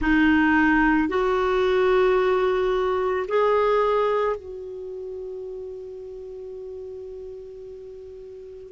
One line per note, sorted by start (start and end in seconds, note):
0.01 1.08 D#4
1.08 3.26 F#4
3.28 4.36 G#4
4.36 8.72 F#4